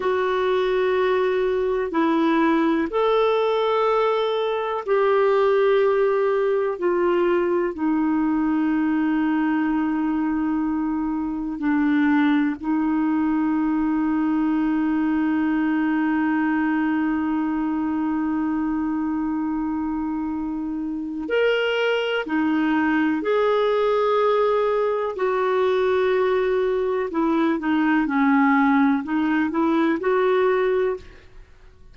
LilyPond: \new Staff \with { instrumentName = "clarinet" } { \time 4/4 \tempo 4 = 62 fis'2 e'4 a'4~ | a'4 g'2 f'4 | dis'1 | d'4 dis'2.~ |
dis'1~ | dis'2 ais'4 dis'4 | gis'2 fis'2 | e'8 dis'8 cis'4 dis'8 e'8 fis'4 | }